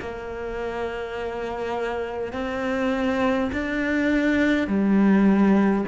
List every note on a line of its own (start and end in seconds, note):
0.00 2.33 A#3
2.33 3.50 C4
3.53 4.68 D4
4.68 5.85 G3